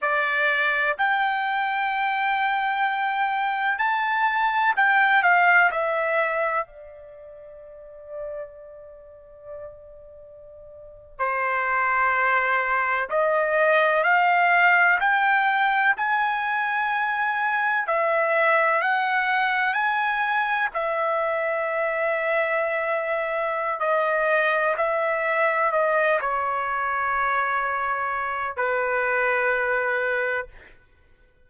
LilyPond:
\new Staff \with { instrumentName = "trumpet" } { \time 4/4 \tempo 4 = 63 d''4 g''2. | a''4 g''8 f''8 e''4 d''4~ | d''2.~ d''8. c''16~ | c''4.~ c''16 dis''4 f''4 g''16~ |
g''8. gis''2 e''4 fis''16~ | fis''8. gis''4 e''2~ e''16~ | e''4 dis''4 e''4 dis''8 cis''8~ | cis''2 b'2 | }